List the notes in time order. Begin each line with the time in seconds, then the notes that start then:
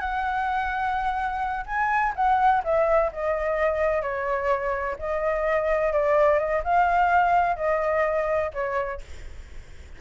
0.00 F#5
1.66 G#5
2.16 F#5
2.64 E5
3.12 D#5
4.02 C#5
4.99 D#5
5.93 D5
6.39 D#5
6.64 F5
7.57 D#5
8.54 C#5